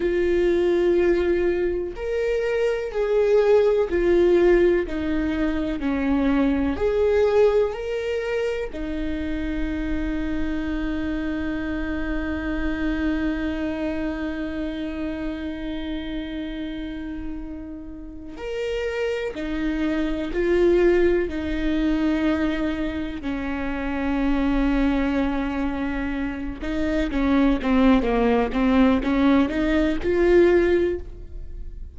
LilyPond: \new Staff \with { instrumentName = "viola" } { \time 4/4 \tempo 4 = 62 f'2 ais'4 gis'4 | f'4 dis'4 cis'4 gis'4 | ais'4 dis'2.~ | dis'1~ |
dis'2. ais'4 | dis'4 f'4 dis'2 | cis'2.~ cis'8 dis'8 | cis'8 c'8 ais8 c'8 cis'8 dis'8 f'4 | }